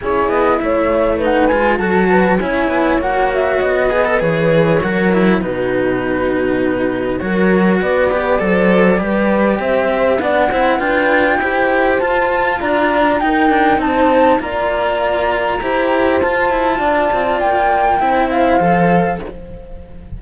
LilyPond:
<<
  \new Staff \with { instrumentName = "flute" } { \time 4/4 \tempo 4 = 100 cis''8 dis''8 e''4 fis''8 gis''8 a''4 | gis''4 fis''8 e''8 dis''4 cis''4~ | cis''4 b'2. | cis''4 d''2. |
e''4 fis''4 g''2 | a''4 ais''4 g''4 a''4 | ais''2. a''4~ | a''4 g''4. f''4. | }
  \new Staff \with { instrumentName = "horn" } { \time 4/4 gis'4 cis''4 b'4 a'8 b'8 | cis''2~ cis''8 b'4. | ais'4 fis'2. | ais'4 b'4 c''4 b'4 |
c''4 d''8 c''8 b'4 c''4~ | c''4 d''4 ais'4 c''4 | d''2 c''2 | d''2 c''2 | }
  \new Staff \with { instrumentName = "cello" } { \time 4/4 e'2 dis'8 f'8 fis'4 | e'4 fis'4. gis'16 a'16 gis'4 | fis'8 e'8 dis'2. | fis'4. g'8 a'4 g'4~ |
g'4 d'8 e'8 f'4 g'4 | f'2 dis'2 | f'2 g'4 f'4~ | f'2 e'4 a'4 | }
  \new Staff \with { instrumentName = "cello" } { \time 4/4 cis'8 b8 a4. gis8 fis4 | cis'8 b8 ais4 b4 e4 | fis4 b,2. | fis4 b4 fis4 g4 |
c'4 b8 c'8 d'4 e'4 | f'4 d'4 dis'8 d'8 c'4 | ais2 e'4 f'8 e'8 | d'8 c'8 ais4 c'4 f4 | }
>>